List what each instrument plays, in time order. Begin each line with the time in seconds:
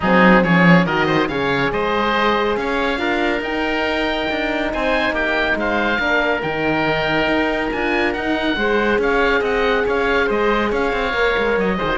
0.00 cello F#3, horn C4, oboe D#4 G#4
0.43 cello F3, horn C#4, oboe G#4 C#5
0.85 cello D#3, horn F#4, oboe A#4 D#5
1.06 oboe C5
1.27 cello C#3, horn G#4, oboe C#5 F5
1.71 cello G#3, oboe C5 D#5
2.56 cello C#4, oboe C#5 F5
2.97 cello D4, horn F4, oboe A#4
3.40 cello D#4, horn D#4, oboe G5
4.30 cello D4
4.73 cello C4, oboe C5 G#5
5.10 cello A#3, oboe G4 G5
5.55 cello G#3, oboe C5 F5
5.99 cello A#3, horn D4, oboe A#4
6.41 cello D#3, horn D#4, oboe G5
7.27 cello D#4
7.72 cello D4, horn F4, oboe G#5
8.13 cello D#4, horn D#4, oboe F#5
8.56 cello G#3, horn G#4, oboe C5
8.98 cello C#4, oboe C#5 F5
9.40 cello C4, oboe D#5 F#5
9.86 cello C#4, oboe C#5 F5
10.26 cello G#3, oboe C5 D#5
10.70 cello C#4, oboe C#5 F5
10.92 cello C4
11.12 cello A#3, horn A#4
11.37 cello G#3
11.57 cello F#3, oboe D#5
11.77 cello D#3, horn G#4, oboe C5
11.89 horn F#4